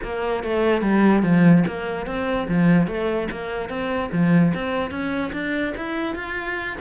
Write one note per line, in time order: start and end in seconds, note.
0.03 0.43 A#3
0.43 0.81 A3
0.81 1.22 G3
1.23 1.64 F3
1.67 2.06 A#3
2.06 2.47 C4
2.48 2.87 F3
2.87 3.28 A3
3.31 3.69 A#3
3.69 4.10 C4
4.12 4.53 F3
4.54 4.90 C4
4.90 5.31 C#4
5.32 5.73 D4
5.76 6.15 E4
6.15 6.77 F4